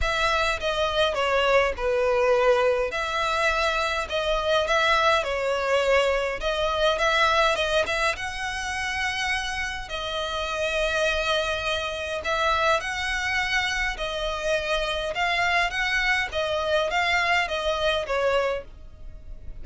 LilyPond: \new Staff \with { instrumentName = "violin" } { \time 4/4 \tempo 4 = 103 e''4 dis''4 cis''4 b'4~ | b'4 e''2 dis''4 | e''4 cis''2 dis''4 | e''4 dis''8 e''8 fis''2~ |
fis''4 dis''2.~ | dis''4 e''4 fis''2 | dis''2 f''4 fis''4 | dis''4 f''4 dis''4 cis''4 | }